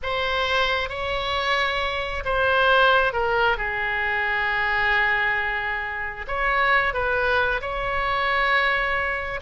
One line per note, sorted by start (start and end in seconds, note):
0.02 0.89 C5
0.89 2.23 C#5
2.24 3.13 C5
3.13 3.57 A#4
3.57 6.26 G#4
6.27 6.93 C#5
6.93 7.61 B4
7.61 9.40 C#5